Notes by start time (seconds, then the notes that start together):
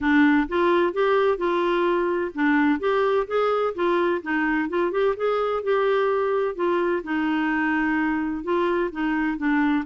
0.00 D4
0.48 F4
0.93 G4
1.37 F4
2.34 D4
2.79 G4
3.27 G#4
3.74 F4
4.22 D#4
4.69 F4
4.91 G4
5.16 G#4
5.63 G4
6.55 F4
7.03 D#4
8.43 F4
8.91 D#4
9.37 D4